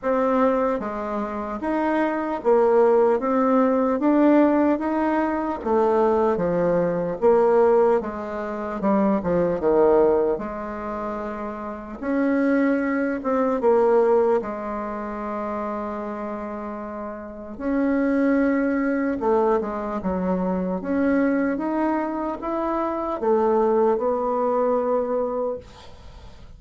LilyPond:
\new Staff \with { instrumentName = "bassoon" } { \time 4/4 \tempo 4 = 75 c'4 gis4 dis'4 ais4 | c'4 d'4 dis'4 a4 | f4 ais4 gis4 g8 f8 | dis4 gis2 cis'4~ |
cis'8 c'8 ais4 gis2~ | gis2 cis'2 | a8 gis8 fis4 cis'4 dis'4 | e'4 a4 b2 | }